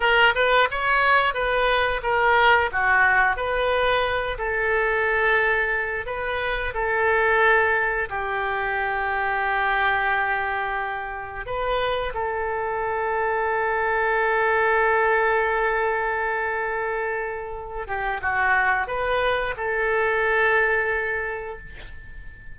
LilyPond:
\new Staff \with { instrumentName = "oboe" } { \time 4/4 \tempo 4 = 89 ais'8 b'8 cis''4 b'4 ais'4 | fis'4 b'4. a'4.~ | a'4 b'4 a'2 | g'1~ |
g'4 b'4 a'2~ | a'1~ | a'2~ a'8 g'8 fis'4 | b'4 a'2. | }